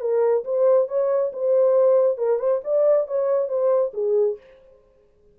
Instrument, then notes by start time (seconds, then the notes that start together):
horn
0.00 A#4
0.44 C5
0.88 C#5
1.33 C5
2.17 A#4
2.39 C5
2.64 D5
3.07 C#5
3.48 C5
3.93 G#4